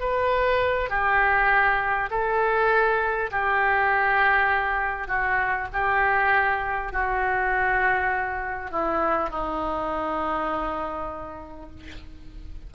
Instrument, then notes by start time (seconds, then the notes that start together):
oboe
0.00 B4
0.90 G4
2.11 A4
3.31 G4
5.08 F#4
5.73 G4
6.93 F#4
8.71 E4
9.30 D#4